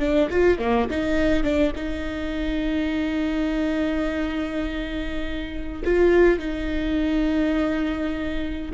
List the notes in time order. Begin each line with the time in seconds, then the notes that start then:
0.00 D4
0.30 F4
0.59 A#3
0.91 D#4
1.44 D4
1.76 D#4
5.85 F4
6.39 D#4